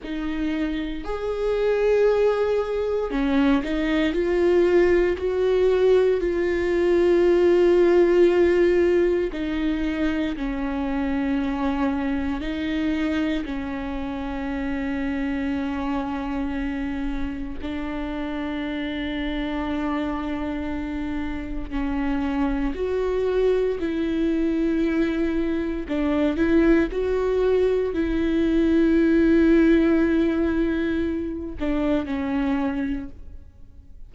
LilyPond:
\new Staff \with { instrumentName = "viola" } { \time 4/4 \tempo 4 = 58 dis'4 gis'2 cis'8 dis'8 | f'4 fis'4 f'2~ | f'4 dis'4 cis'2 | dis'4 cis'2.~ |
cis'4 d'2.~ | d'4 cis'4 fis'4 e'4~ | e'4 d'8 e'8 fis'4 e'4~ | e'2~ e'8 d'8 cis'4 | }